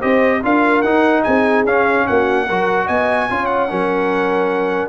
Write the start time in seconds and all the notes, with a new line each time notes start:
0.00 C4 G4 C5 D#5
0.43 D4 F4 A#4 F5
0.81 D#4 F#5
1.23 C4 G#4 G#5
1.64 C#4 F5
2.07 A#3 F#4 F#5
2.45 F#3 F#4 A#4
2.86 B3 D#5 G#5
3.29 C#4 F4 C#5
3.45 F#5
3.68 F#3 C#4 A#4